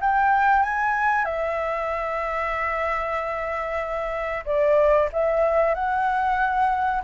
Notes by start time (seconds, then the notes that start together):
0.00 G5
0.62 G#5
1.25 E5
4.45 D5
5.12 E5
5.74 F#5